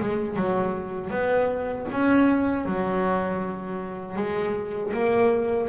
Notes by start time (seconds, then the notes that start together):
0.00 G#3
0.37 F#3
1.10 B3
1.92 C#4
2.66 F#3
4.17 G#3
4.93 A#3